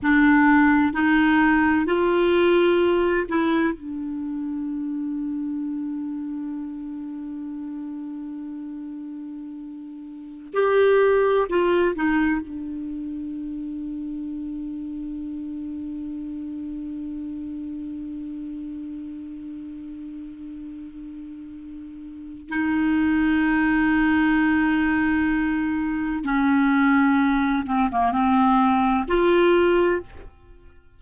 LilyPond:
\new Staff \with { instrumentName = "clarinet" } { \time 4/4 \tempo 4 = 64 d'4 dis'4 f'4. e'8 | d'1~ | d'2.~ d'16 g'8.~ | g'16 f'8 dis'8 d'2~ d'8.~ |
d'1~ | d'1 | dis'1 | cis'4. c'16 ais16 c'4 f'4 | }